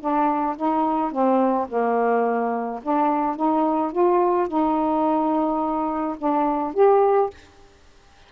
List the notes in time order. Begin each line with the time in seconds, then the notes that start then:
0.00 D4
0.57 D#4
1.12 C4
1.68 A#3
2.83 D4
3.36 D#4
3.92 F4
4.48 D#4
6.18 D4
6.74 G4